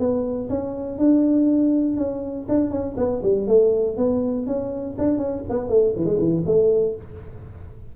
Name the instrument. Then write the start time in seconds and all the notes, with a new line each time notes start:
tuba
0.00 B3
0.50 C#4
0.98 D4
1.97 C#4
2.49 D4
2.71 C#4
2.97 B3
3.23 G3
3.48 A3
3.98 B3
4.47 C#4
4.99 D4
5.18 C#4
5.50 B3
5.70 A3
5.97 E3
6.06 G#3
6.19 E3
6.46 A3